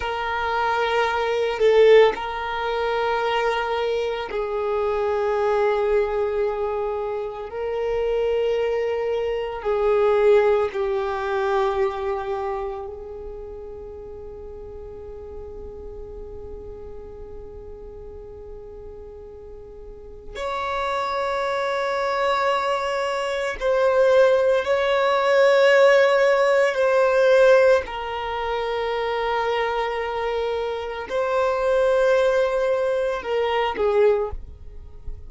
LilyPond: \new Staff \with { instrumentName = "violin" } { \time 4/4 \tempo 4 = 56 ais'4. a'8 ais'2 | gis'2. ais'4~ | ais'4 gis'4 g'2 | gis'1~ |
gis'2. cis''4~ | cis''2 c''4 cis''4~ | cis''4 c''4 ais'2~ | ais'4 c''2 ais'8 gis'8 | }